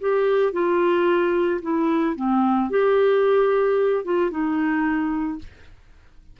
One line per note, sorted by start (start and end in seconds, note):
0.00 0.52 G4
0.52 1.60 F4
1.62 2.15 E4
2.15 2.70 C4
2.70 4.04 G4
4.04 4.30 F4
4.30 5.39 D#4